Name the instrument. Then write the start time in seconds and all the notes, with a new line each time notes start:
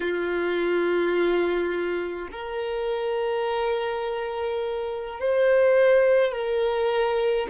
violin
0.00 F4
2.31 A#4
5.20 C5
6.31 A#4